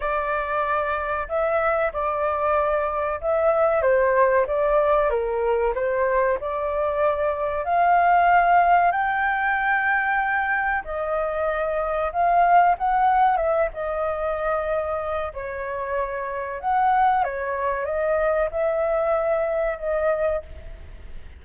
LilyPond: \new Staff \with { instrumentName = "flute" } { \time 4/4 \tempo 4 = 94 d''2 e''4 d''4~ | d''4 e''4 c''4 d''4 | ais'4 c''4 d''2 | f''2 g''2~ |
g''4 dis''2 f''4 | fis''4 e''8 dis''2~ dis''8 | cis''2 fis''4 cis''4 | dis''4 e''2 dis''4 | }